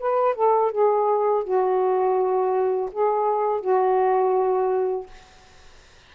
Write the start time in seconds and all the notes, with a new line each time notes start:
0.00 B4
0.35 A4
0.72 G#4
1.44 F#4
2.92 G#4
3.61 F#4